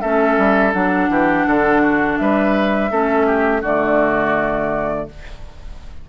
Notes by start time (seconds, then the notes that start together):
0.00 A3 C#4 A4 E5
0.37 G3
0.73 F#3 D4 F#5
1.09 E3 G4
1.46 D3 A4
1.81 F#4
2.17 G3 B4 E5
2.90 A3 C#4 A4
3.26 G4
3.61 D3 A3 F#4 D5